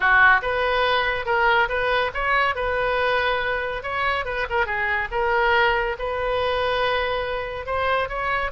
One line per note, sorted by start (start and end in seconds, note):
0.00 0.41 F#4
0.42 1.25 B4
1.25 1.68 A#4
1.68 2.11 B4
2.14 2.55 C#5
2.55 3.82 B4
3.82 4.25 C#5
4.25 4.46 B4
4.49 4.66 A#4
4.66 5.08 G#4
5.11 5.96 A#4
5.98 7.66 B4
7.66 8.08 C5
8.08 8.51 C#5